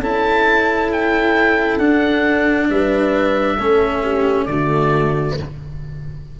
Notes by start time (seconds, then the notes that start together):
0.00 C#4 E4 A4 A5
0.92 G5
1.78 D4 F#5
2.69 G3 B4 E5
3.56 A3 C#4 A4
4.02 G4
4.45 D3 A3 F#4 D5